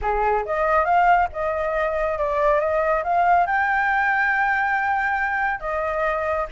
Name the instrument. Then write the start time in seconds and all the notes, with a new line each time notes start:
flute
0.01 G#4
0.45 D#5
0.84 F5
1.32 D#5
2.18 D5
2.59 D#5
3.03 F5
3.46 G5
5.60 D#5